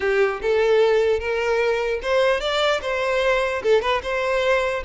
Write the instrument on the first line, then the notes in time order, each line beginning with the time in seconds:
violin
0.00 G4
0.41 A4
1.19 A#4
2.02 C5
2.40 D5
2.81 C5
3.62 A4
3.81 B4
4.02 C5